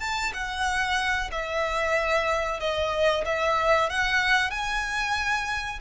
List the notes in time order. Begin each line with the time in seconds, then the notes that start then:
0.00 A5
0.33 F#5
1.32 E5
2.60 D#5
3.25 E5
3.89 F#5
4.50 G#5